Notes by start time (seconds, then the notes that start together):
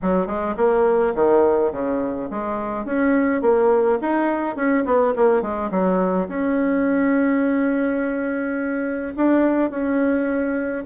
0.02 F#3
0.26 G#3
0.56 A#3
1.14 D#3
1.71 C#3
2.30 G#3
2.85 C#4
3.41 A#3
4.01 D#4
4.56 C#4
4.85 B3
5.16 A#3
5.42 G#3
5.70 F#3
6.28 C#4
9.16 D4
9.70 C#4